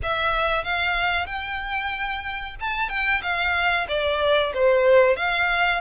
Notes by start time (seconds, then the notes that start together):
0.02 E5
0.63 F5
1.26 G5
2.60 A5
2.89 G5
3.22 F5
3.88 D5
4.53 C5
5.16 F5